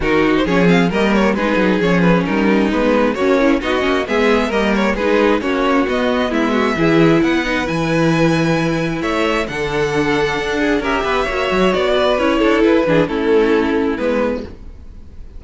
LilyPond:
<<
  \new Staff \with { instrumentName = "violin" } { \time 4/4 \tempo 4 = 133 ais'8. c''16 cis''8 f''8 dis''8 cis''8 b'4 | cis''8 b'8 ais'4 b'4 cis''4 | dis''4 e''4 dis''8 cis''8 b'4 | cis''4 dis''4 e''2 |
fis''4 gis''2. | e''4 fis''2. | e''2 d''4 cis''4 | b'4 a'2 b'4 | }
  \new Staff \with { instrumentName = "violin" } { \time 4/4 fis'4 gis'4 ais'4 gis'4~ | gis'4 dis'2 cis'4 | fis'4 gis'4 ais'4 gis'4 | fis'2 e'8 fis'8 gis'4 |
b'1 | cis''4 a'2~ a'8 gis'8 | ais'8 b'8 cis''4. b'4 a'8~ | a'8 gis'8 e'2. | }
  \new Staff \with { instrumentName = "viola" } { \time 4/4 dis'4 cis'8 c'8 ais4 dis'4 | cis'2 b4 fis'8 e'8 | dis'8 cis'8 b4 ais4 dis'4 | cis'4 b2 e'4~ |
e'8 dis'8 e'2.~ | e'4 d'2. | g'4 fis'2 e'4~ | e'8 d'8 cis'2 b4 | }
  \new Staff \with { instrumentName = "cello" } { \time 4/4 dis4 f4 g4 gis8 fis8 | f4 g4 gis4 ais4 | b8 ais8 gis4 g4 gis4 | ais4 b4 gis4 e4 |
b4 e2. | a4 d2 d'4 | cis'8 b8 ais8 fis8 b4 cis'8 d'8 | e'8 e8 a2 gis4 | }
>>